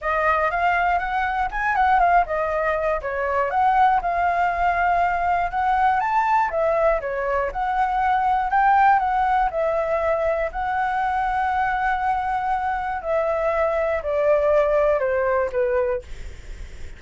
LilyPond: \new Staff \with { instrumentName = "flute" } { \time 4/4 \tempo 4 = 120 dis''4 f''4 fis''4 gis''8 fis''8 | f''8 dis''4. cis''4 fis''4 | f''2. fis''4 | a''4 e''4 cis''4 fis''4~ |
fis''4 g''4 fis''4 e''4~ | e''4 fis''2.~ | fis''2 e''2 | d''2 c''4 b'4 | }